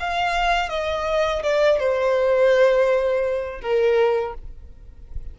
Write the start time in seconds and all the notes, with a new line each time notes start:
0.00 F5
0.70 D#5
1.43 D5
1.80 C5
3.62 A#4